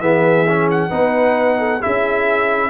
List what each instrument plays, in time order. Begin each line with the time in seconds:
0.00 tuba E3, trombone B3, horn G#4, trumpet E5
0.48 trombone C#4
0.71 trumpet F#5
0.90 tuba B3, trombone D#4, horn B4
1.58 horn A4
1.81 tuba C#4, trombone E4, horn G#4, trumpet E5